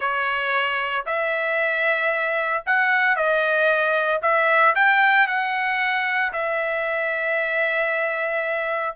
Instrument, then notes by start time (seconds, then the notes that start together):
trumpet
0.00 C#5
1.06 E5
2.66 F#5
3.16 D#5
4.22 E5
4.75 G5
5.27 F#5
6.32 E5